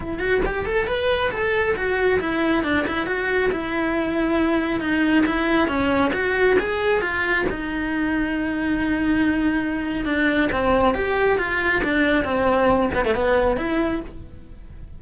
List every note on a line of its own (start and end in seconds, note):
0.00 0.19 E4
0.19 0.41 F#4
0.45 0.65 G4
0.65 0.87 A4
0.87 1.31 B4
1.31 1.75 A4
1.75 2.19 F#4
2.19 2.63 E4
2.63 2.85 D4
2.87 3.06 E4
3.06 3.50 F#4
3.51 4.80 E4
4.80 5.24 D#4
5.26 5.67 E4
5.67 6.11 C#4
6.13 6.57 F#4
6.59 7.01 G#4
7.01 7.45 F4
7.49 10.05 D#4
10.05 10.49 D4
10.52 10.94 C4
10.94 11.38 G4
11.38 11.81 F4
11.83 12.24 D4
12.24 12.90 C4
12.94 13.04 B3
13.04 13.14 A3
13.14 13.56 B3
13.56 14.00 E4